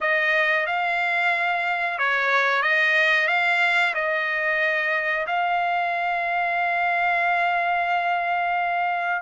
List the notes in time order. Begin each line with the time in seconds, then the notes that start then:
0.00 D#5
0.66 F5
1.98 C#5
2.62 D#5
3.27 F5
3.94 D#5
5.27 F5